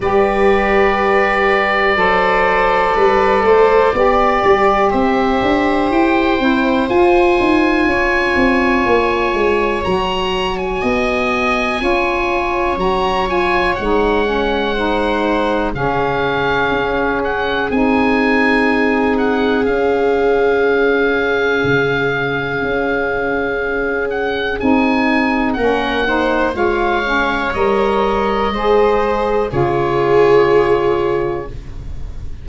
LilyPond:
<<
  \new Staff \with { instrumentName = "oboe" } { \time 4/4 \tempo 4 = 61 d''1~ | d''4 e''4 g''4 gis''4~ | gis''2 ais''8. gis''4~ gis''16~ | gis''4 ais''8 gis''8 fis''2 |
f''4. fis''8 gis''4. fis''8 | f''1~ | f''8 fis''8 gis''4 fis''4 f''4 | dis''2 cis''2 | }
  \new Staff \with { instrumentName = "viola" } { \time 4/4 b'2 c''4 b'8 c''8 | d''4 c''2. | cis''2. dis''4 | cis''2. c''4 |
gis'1~ | gis'1~ | gis'2 ais'8 c''8 cis''4~ | cis''4 c''4 gis'2 | }
  \new Staff \with { instrumentName = "saxophone" } { \time 4/4 g'2 a'2 | g'2~ g'8 e'8 f'4~ | f'2 fis'2 | f'4 fis'8 f'8 dis'8 cis'8 dis'4 |
cis'2 dis'2 | cis'1~ | cis'4 dis'4 cis'8 dis'8 f'8 cis'8 | ais'4 gis'4 f'2 | }
  \new Staff \with { instrumentName = "tuba" } { \time 4/4 g2 fis4 g8 a8 | b8 g8 c'8 d'8 e'8 c'8 f'8 dis'8 | cis'8 c'8 ais8 gis8 fis4 b4 | cis'4 fis4 gis2 |
cis4 cis'4 c'2 | cis'2 cis4 cis'4~ | cis'4 c'4 ais4 gis4 | g4 gis4 cis2 | }
>>